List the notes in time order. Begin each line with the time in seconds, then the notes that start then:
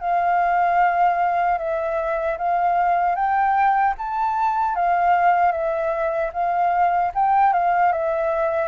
0.00 F5
1.58 E5
2.38 F5
3.15 G5
3.97 A5
4.75 F5
5.52 E5
6.33 F5
7.14 G5
7.53 F5
7.92 E5